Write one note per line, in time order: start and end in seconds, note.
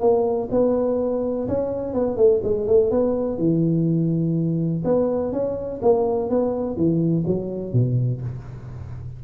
0.00 0.48 A#3
0.51 1.48 B3
1.48 1.94 C#4
1.94 2.17 B3
2.17 2.41 A3
2.43 2.67 G#3
2.67 2.91 A3
2.91 3.38 B3
3.38 4.83 E3
4.84 5.32 B3
5.32 5.81 C#4
5.82 6.29 A#3
6.29 6.76 B3
6.76 7.24 E3
7.26 7.73 F#3
7.73 8.21 B2